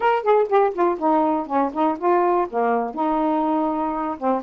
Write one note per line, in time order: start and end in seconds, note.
0.00 0.22 A#4
0.22 0.47 G#4
0.49 0.73 G4
0.74 0.98 F4
0.99 1.46 D#4
1.46 1.71 C#4
1.73 1.97 D#4
1.98 2.47 F4
2.49 2.94 A#3
2.94 4.17 D#4
4.17 4.42 C4